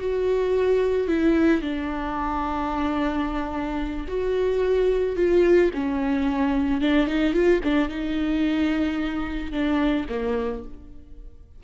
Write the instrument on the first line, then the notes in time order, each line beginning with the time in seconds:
viola
0.00 F#4
1.08 E4
1.62 D4
4.08 F#4
5.17 F4
5.74 C#4
6.82 D4
7.08 D#4
7.34 F4
7.64 D4
7.89 D#4
9.52 D4
10.10 A#3